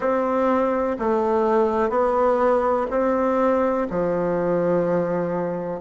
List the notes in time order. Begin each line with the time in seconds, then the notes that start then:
0.00 C4
0.99 A3
1.89 B3
2.90 C4
3.89 F3